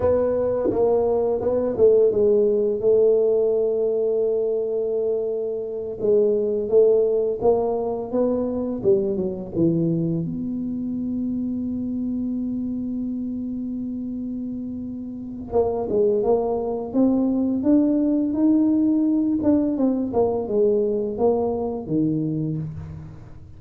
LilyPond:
\new Staff \with { instrumentName = "tuba" } { \time 4/4 \tempo 4 = 85 b4 ais4 b8 a8 gis4 | a1~ | a8 gis4 a4 ais4 b8~ | b8 g8 fis8 e4 b4.~ |
b1~ | b2 ais8 gis8 ais4 | c'4 d'4 dis'4. d'8 | c'8 ais8 gis4 ais4 dis4 | }